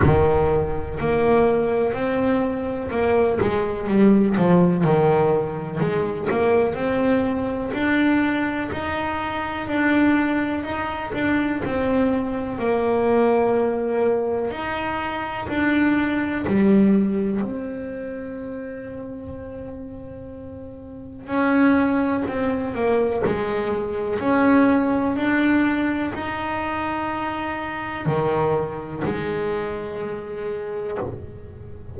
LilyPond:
\new Staff \with { instrumentName = "double bass" } { \time 4/4 \tempo 4 = 62 dis4 ais4 c'4 ais8 gis8 | g8 f8 dis4 gis8 ais8 c'4 | d'4 dis'4 d'4 dis'8 d'8 | c'4 ais2 dis'4 |
d'4 g4 c'2~ | c'2 cis'4 c'8 ais8 | gis4 cis'4 d'4 dis'4~ | dis'4 dis4 gis2 | }